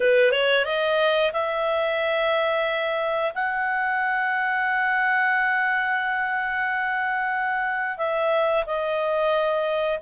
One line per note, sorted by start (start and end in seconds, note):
0.00 0.31 B4
0.31 0.65 C#5
0.65 1.31 D#5
1.32 3.32 E5
3.34 7.97 F#5
7.97 8.64 E5
8.65 9.99 D#5